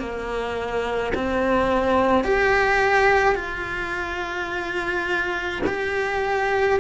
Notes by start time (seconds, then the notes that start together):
0.00 A#3
1.15 C4
2.24 G4
3.36 F4
5.67 G4